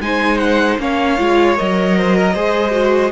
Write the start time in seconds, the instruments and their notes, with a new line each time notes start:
0.00 cello G#3, viola D#4, violin C5 G#5
0.38 violin F#5
0.78 cello A#3, viola C#4, violin C#5 F5
1.17 cello G#3, viola F4
1.56 cello F#3, viola A#4, violin D#5
1.98 violin C5
2.16 violin A#4
2.34 cello G#3, viola G#4, violin C5
2.71 viola F#4